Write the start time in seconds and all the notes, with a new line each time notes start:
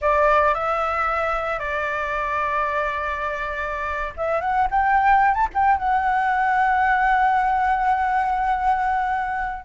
0.01 D5
0.54 E5
1.59 D5
4.17 E5
4.40 F#5
4.70 G5
5.34 A5
5.53 G5
5.77 F#5